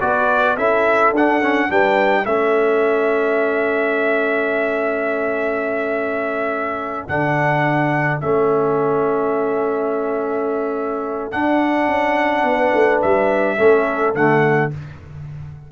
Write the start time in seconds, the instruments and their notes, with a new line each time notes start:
0.00 tuba B3, trombone F#4, horn B4, trumpet D5
0.56 tuba C#4, trombone E4, horn A4, trumpet E5
1.12 tuba D4, trombone D4, trumpet F#5
1.41 trombone C#4
1.69 tuba G3, trombone D4, horn B4, trumpet G5
2.24 tuba A3, trombone C#4, horn A4, trumpet E5
7.08 tuba D3, trombone D4, trumpet F#5
8.20 tuba A3, trombone C#4, trumpet E5
11.31 trombone D4, tuba D4, trumpet F#5
11.87 tuba C#4
12.43 tuba B3, horn B4
12.74 tuba A3
13.01 tuba G3, trumpet E5
13.57 tuba A3, trombone C#4, horn A4
14.14 tuba D3, trombone A3, trumpet F#5